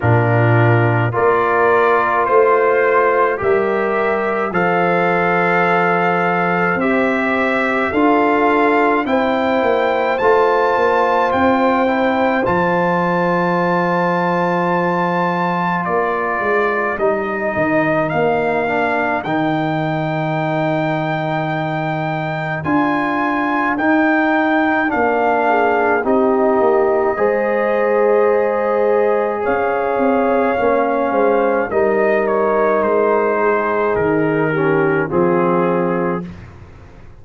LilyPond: <<
  \new Staff \with { instrumentName = "trumpet" } { \time 4/4 \tempo 4 = 53 ais'4 d''4 c''4 e''4 | f''2 e''4 f''4 | g''4 a''4 g''4 a''4~ | a''2 d''4 dis''4 |
f''4 g''2. | gis''4 g''4 f''4 dis''4~ | dis''2 f''2 | dis''8 cis''8 c''4 ais'4 gis'4 | }
  \new Staff \with { instrumentName = "horn" } { \time 4/4 f'4 ais'4 c''4 ais'4 | c''2. a'4 | c''1~ | c''2 ais'2~ |
ais'1~ | ais'2~ ais'8 gis'8 g'4 | c''2 cis''4. c''8 | ais'4. gis'4 g'8 f'4 | }
  \new Staff \with { instrumentName = "trombone" } { \time 4/4 d'4 f'2 g'4 | a'2 g'4 f'4 | e'4 f'4. e'8 f'4~ | f'2. dis'4~ |
dis'8 d'8 dis'2. | f'4 dis'4 d'4 dis'4 | gis'2. cis'4 | dis'2~ dis'8 cis'8 c'4 | }
  \new Staff \with { instrumentName = "tuba" } { \time 4/4 ais,4 ais4 a4 g4 | f2 c'4 d'4 | c'8 ais8 a8 ais8 c'4 f4~ | f2 ais8 gis8 g8 dis8 |
ais4 dis2. | d'4 dis'4 ais4 c'8 ais8 | gis2 cis'8 c'8 ais8 gis8 | g4 gis4 dis4 f4 | }
>>